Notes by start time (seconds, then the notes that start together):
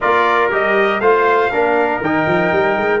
0.00 A#3 F4 A#4 D5
0.50 G3 G4 D#5
1.00 A3 F4 C5 F5
1.52 A#3 D4 A#4
2.00 D#3 D#4 G5
2.27 F3
2.52 G3
2.77 G#3